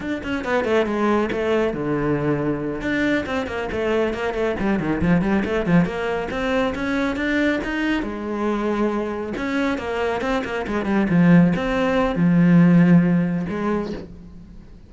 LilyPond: \new Staff \with { instrumentName = "cello" } { \time 4/4 \tempo 4 = 138 d'8 cis'8 b8 a8 gis4 a4 | d2~ d8 d'4 c'8 | ais8 a4 ais8 a8 g8 dis8 f8 | g8 a8 f8 ais4 c'4 cis'8~ |
cis'8 d'4 dis'4 gis4.~ | gis4. cis'4 ais4 c'8 | ais8 gis8 g8 f4 c'4. | f2. gis4 | }